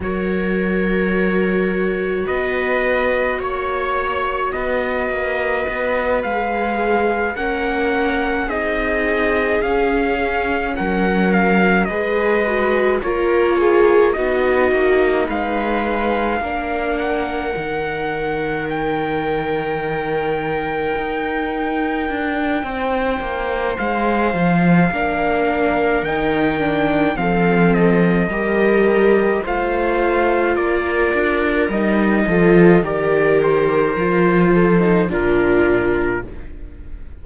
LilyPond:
<<
  \new Staff \with { instrumentName = "trumpet" } { \time 4/4 \tempo 4 = 53 cis''2 dis''4 cis''4 | dis''4. f''4 fis''4 dis''8~ | dis''8 f''4 fis''8 f''8 dis''4 cis''8~ | cis''8 dis''4 f''4. fis''4~ |
fis''8 g''2.~ g''8~ | g''4 f''2 g''4 | f''8 dis''4. f''4 d''4 | dis''4 d''8 c''4. ais'4 | }
  \new Staff \with { instrumentName = "viola" } { \time 4/4 ais'2 b'4 cis''4 | b'2~ b'8 ais'4 gis'8~ | gis'4. ais'4 b'4 ais'8 | gis'8 fis'4 b'4 ais'4.~ |
ais'1 | c''2 ais'2 | a'4 ais'4 c''4 ais'4~ | ais'8 a'8 ais'4. a'8 f'4 | }
  \new Staff \with { instrumentName = "viola" } { \time 4/4 fis'1~ | fis'4. gis'4 cis'4 dis'8~ | dis'8 cis'2 gis'8 fis'8 f'8~ | f'8 dis'2 d'4 dis'8~ |
dis'1~ | dis'2 d'4 dis'8 d'8 | c'4 g'4 f'2 | dis'8 f'8 g'4 f'8. dis'16 d'4 | }
  \new Staff \with { instrumentName = "cello" } { \time 4/4 fis2 b4 ais4 | b8 ais8 b8 gis4 ais4 c'8~ | c'8 cis'4 fis4 gis4 ais8~ | ais8 b8 ais8 gis4 ais4 dis8~ |
dis2~ dis8 dis'4 d'8 | c'8 ais8 gis8 f8 ais4 dis4 | f4 g4 a4 ais8 d'8 | g8 f8 dis4 f4 ais,4 | }
>>